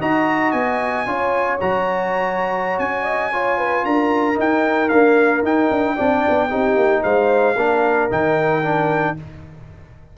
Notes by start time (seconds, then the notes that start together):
0.00 D#4 F#4 D#5 A#5
0.51 B3 G#5
1.06 C#4 F4 C#5
1.60 F#3 F#4 A#5
2.79 C#4 G#5
3.03 D#5
3.32 F4 C#5
3.58 B4
3.85 D4 A#4 A#5
4.35 D#4 G5
4.88 A#3 D4 F5
5.43 D#4 G5
5.71 D4
5.96 C4 D4 D5
6.29 B3
6.49 C4 D#4 G4
6.76 A#3
7.03 G#3 C5 F5
7.56 A#3 D4 A#4
8.10 D#3 D#4 G5
8.64 D4